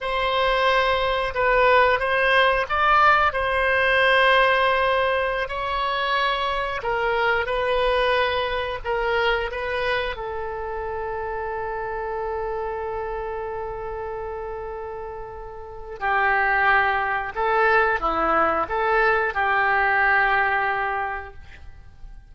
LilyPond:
\new Staff \with { instrumentName = "oboe" } { \time 4/4 \tempo 4 = 90 c''2 b'4 c''4 | d''4 c''2.~ | c''16 cis''2 ais'4 b'8.~ | b'4~ b'16 ais'4 b'4 a'8.~ |
a'1~ | a'1 | g'2 a'4 e'4 | a'4 g'2. | }